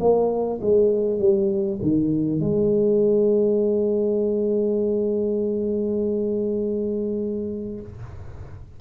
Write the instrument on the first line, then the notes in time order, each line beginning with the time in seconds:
tuba
0.00 A#3
0.61 G#3
1.19 G3
1.82 D#3
2.40 G#3